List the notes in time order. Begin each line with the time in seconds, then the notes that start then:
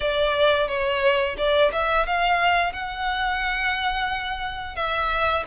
0.00 D5
0.68 C#5
1.37 D5
1.72 E5
2.06 F5
2.73 F#5
4.75 E5